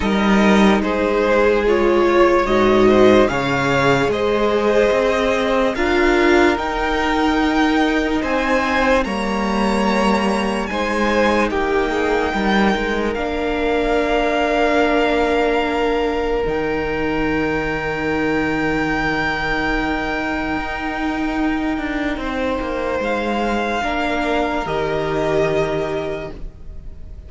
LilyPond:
<<
  \new Staff \with { instrumentName = "violin" } { \time 4/4 \tempo 4 = 73 dis''4 c''4 cis''4 dis''4 | f''4 dis''2 f''4 | g''2 gis''4 ais''4~ | ais''4 gis''4 g''2 |
f''1 | g''1~ | g''1 | f''2 dis''2 | }
  \new Staff \with { instrumentName = "violin" } { \time 4/4 ais'4 gis'4. cis''4 c''8 | cis''4 c''2 ais'4~ | ais'2 c''4 cis''4~ | cis''4 c''4 g'8 gis'8 ais'4~ |
ais'1~ | ais'1~ | ais'2. c''4~ | c''4 ais'2. | }
  \new Staff \with { instrumentName = "viola" } { \time 4/4 dis'2 f'4 fis'4 | gis'2. f'4 | dis'2. ais4~ | ais4 dis'2. |
d'1 | dis'1~ | dis'1~ | dis'4 d'4 g'2 | }
  \new Staff \with { instrumentName = "cello" } { \time 4/4 g4 gis2 gis,4 | cis4 gis4 c'4 d'4 | dis'2 c'4 g4~ | g4 gis4 ais4 g8 gis8 |
ais1 | dis1~ | dis4 dis'4. d'8 c'8 ais8 | gis4 ais4 dis2 | }
>>